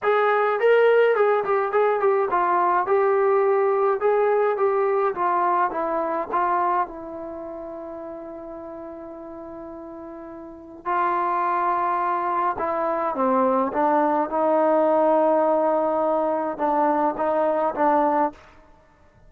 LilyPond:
\new Staff \with { instrumentName = "trombone" } { \time 4/4 \tempo 4 = 105 gis'4 ais'4 gis'8 g'8 gis'8 g'8 | f'4 g'2 gis'4 | g'4 f'4 e'4 f'4 | e'1~ |
e'2. f'4~ | f'2 e'4 c'4 | d'4 dis'2.~ | dis'4 d'4 dis'4 d'4 | }